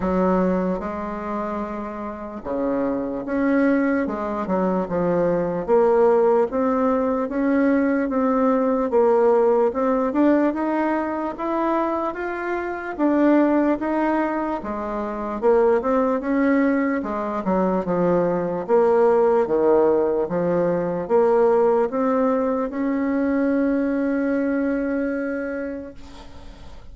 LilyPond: \new Staff \with { instrumentName = "bassoon" } { \time 4/4 \tempo 4 = 74 fis4 gis2 cis4 | cis'4 gis8 fis8 f4 ais4 | c'4 cis'4 c'4 ais4 | c'8 d'8 dis'4 e'4 f'4 |
d'4 dis'4 gis4 ais8 c'8 | cis'4 gis8 fis8 f4 ais4 | dis4 f4 ais4 c'4 | cis'1 | }